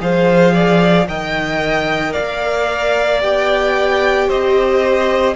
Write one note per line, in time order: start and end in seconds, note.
0.00 1.08 F3
0.00 1.07 G#4
0.00 0.54 C5
0.00 1.08 F5
0.54 1.08 D5
1.08 2.15 D#3
1.08 3.21 A#4
1.08 2.13 D#5
1.08 2.13 G5
2.13 3.23 A#3
2.13 4.28 D5
2.13 3.20 F5
3.21 4.30 B3
3.21 5.35 G4
3.21 4.30 G5
4.28 5.36 C4
4.28 5.35 C5
4.28 5.36 D#5